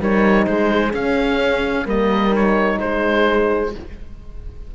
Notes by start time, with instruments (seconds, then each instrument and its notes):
0.00 cello G3, horn D#4 A#4, oboe C#5
0.46 cello G#3, horn G#4, oboe C5
0.91 horn C#4, cello C#4, oboe F5
1.85 cello G3, horn A#3 A#4, oboe D#5
2.30 horn D#4, oboe C#5
2.80 cello G#3, horn G#4, oboe C5